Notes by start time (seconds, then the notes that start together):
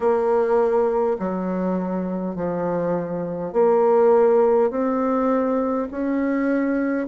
0.00 A#3
1.19 F#3
2.35 F3
3.52 A#3
4.70 C4
5.91 C#4